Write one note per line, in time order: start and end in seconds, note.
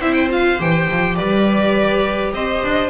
0.00 0.60 C4
0.00 0.30 E4
0.00 1.17 C5
0.00 0.14 E5
0.14 0.28 G5
0.30 0.59 F4
0.30 0.62 F5
0.59 0.90 E3
0.59 2.91 G4
0.59 1.16 G5
0.90 1.19 F3
1.16 2.33 G3
1.16 2.34 B4
1.16 2.33 D5
2.33 2.62 C4
2.33 2.91 C5
2.33 2.91 D#5
2.64 2.91 D4